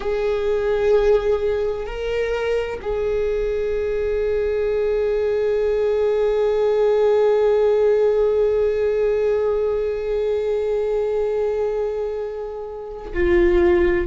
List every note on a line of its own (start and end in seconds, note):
0.00 1.86 G#4
1.86 2.80 A#4
2.81 13.12 G#4
13.13 14.07 F4